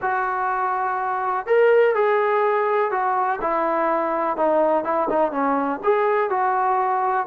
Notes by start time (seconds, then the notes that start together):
0.01 F#4
1.46 A#4
1.94 G#4
2.91 F#4
3.41 E4
4.36 D#4
4.84 E4
5.09 D#4
5.31 C#4
5.83 G#4
6.29 F#4